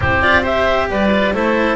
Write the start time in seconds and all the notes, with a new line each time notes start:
0.00 C4 E4 G4 C5
0.22 F4 D5
0.42 G4 C5 E5
0.90 G3 B4 D5
1.11 F4
1.33 A3 E4 A4 C5